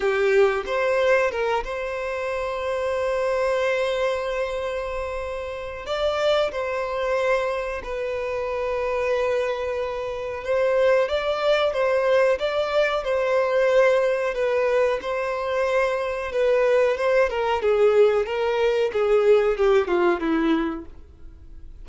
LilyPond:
\new Staff \with { instrumentName = "violin" } { \time 4/4 \tempo 4 = 92 g'4 c''4 ais'8 c''4.~ | c''1~ | c''4 d''4 c''2 | b'1 |
c''4 d''4 c''4 d''4 | c''2 b'4 c''4~ | c''4 b'4 c''8 ais'8 gis'4 | ais'4 gis'4 g'8 f'8 e'4 | }